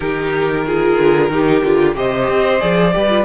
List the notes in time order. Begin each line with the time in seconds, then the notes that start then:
0.00 D#3 D#4 G4 A#4
0.66 F4 G#4
0.97 D3
1.29 D#3 D#4 G4
1.64 D3 F4
1.94 C3 G4 C5 D#5
2.28 C4
2.59 F3 G#4 D5
2.92 G3 G4 B4
3.09 F4